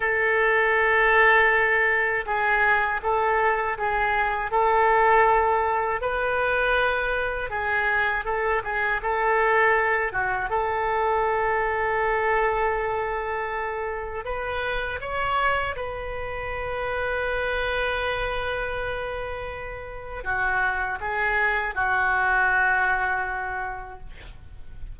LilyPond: \new Staff \with { instrumentName = "oboe" } { \time 4/4 \tempo 4 = 80 a'2. gis'4 | a'4 gis'4 a'2 | b'2 gis'4 a'8 gis'8 | a'4. fis'8 a'2~ |
a'2. b'4 | cis''4 b'2.~ | b'2. fis'4 | gis'4 fis'2. | }